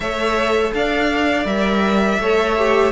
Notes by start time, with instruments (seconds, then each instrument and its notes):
0.00 cello A3, viola A4, violin C#5 E5
0.74 cello D4, violin D5 F5
1.45 cello G3, viola A#4, violin E5
2.18 cello A3, viola A4, violin C#5
2.57 viola G4